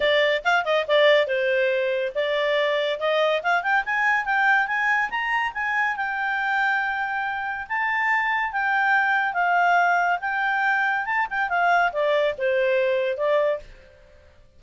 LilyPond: \new Staff \with { instrumentName = "clarinet" } { \time 4/4 \tempo 4 = 141 d''4 f''8 dis''8 d''4 c''4~ | c''4 d''2 dis''4 | f''8 g''8 gis''4 g''4 gis''4 | ais''4 gis''4 g''2~ |
g''2 a''2 | g''2 f''2 | g''2 a''8 g''8 f''4 | d''4 c''2 d''4 | }